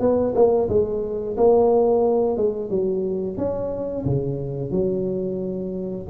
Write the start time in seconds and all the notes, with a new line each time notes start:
0.00 B3
0.35 A#3
0.69 G#3
1.37 A#3
2.37 G#3
2.70 F#3
3.38 C#4
4.06 C#3
4.71 F#3